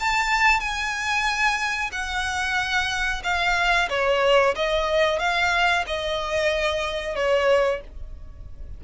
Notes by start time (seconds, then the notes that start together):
0.00 A5
0.60 G#5
1.92 F#5
3.24 F5
3.90 C#5
4.55 D#5
5.19 F5
5.87 D#5
7.16 C#5